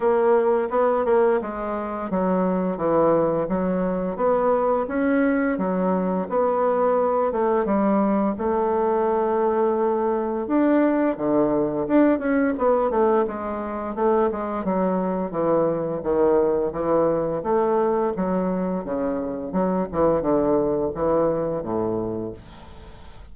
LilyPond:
\new Staff \with { instrumentName = "bassoon" } { \time 4/4 \tempo 4 = 86 ais4 b8 ais8 gis4 fis4 | e4 fis4 b4 cis'4 | fis4 b4. a8 g4 | a2. d'4 |
d4 d'8 cis'8 b8 a8 gis4 | a8 gis8 fis4 e4 dis4 | e4 a4 fis4 cis4 | fis8 e8 d4 e4 a,4 | }